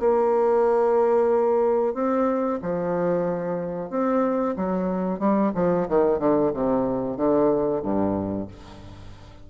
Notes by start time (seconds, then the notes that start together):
0.00 A#3
1.94 C4
2.62 F3
3.90 C4
4.57 F#3
5.20 G3
5.55 F3
5.89 D#3
6.19 D3
6.54 C3
7.17 D3
7.83 G2